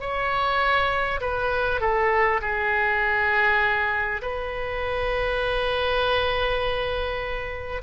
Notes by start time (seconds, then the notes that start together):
0.00 C#5
1.20 B4
1.81 A4
2.41 G#4
4.22 B4